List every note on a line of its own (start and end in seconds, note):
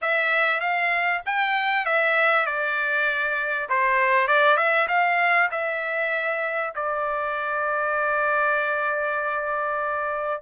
0.01 0.60 E5
0.60 1.21 F5
1.26 1.85 G5
1.85 2.45 E5
2.45 3.68 D5
3.69 4.27 C5
4.27 4.56 D5
4.56 4.87 E5
4.88 5.49 F5
5.51 6.73 E5
6.75 10.42 D5